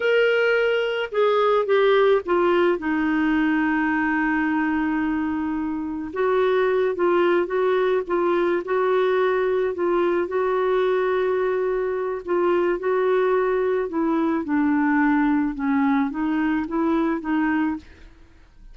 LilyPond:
\new Staff \with { instrumentName = "clarinet" } { \time 4/4 \tempo 4 = 108 ais'2 gis'4 g'4 | f'4 dis'2.~ | dis'2. fis'4~ | fis'8 f'4 fis'4 f'4 fis'8~ |
fis'4. f'4 fis'4.~ | fis'2 f'4 fis'4~ | fis'4 e'4 d'2 | cis'4 dis'4 e'4 dis'4 | }